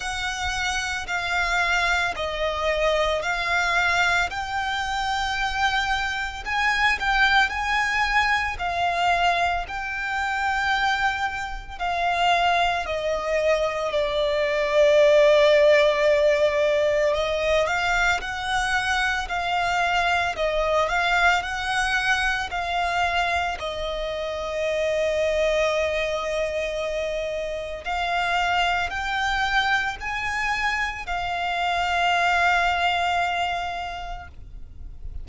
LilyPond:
\new Staff \with { instrumentName = "violin" } { \time 4/4 \tempo 4 = 56 fis''4 f''4 dis''4 f''4 | g''2 gis''8 g''8 gis''4 | f''4 g''2 f''4 | dis''4 d''2. |
dis''8 f''8 fis''4 f''4 dis''8 f''8 | fis''4 f''4 dis''2~ | dis''2 f''4 g''4 | gis''4 f''2. | }